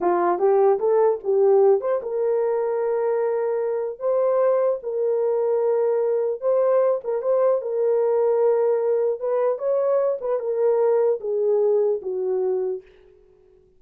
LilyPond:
\new Staff \with { instrumentName = "horn" } { \time 4/4 \tempo 4 = 150 f'4 g'4 a'4 g'4~ | g'8 c''8 ais'2.~ | ais'2 c''2 | ais'1 |
c''4. ais'8 c''4 ais'4~ | ais'2. b'4 | cis''4. b'8 ais'2 | gis'2 fis'2 | }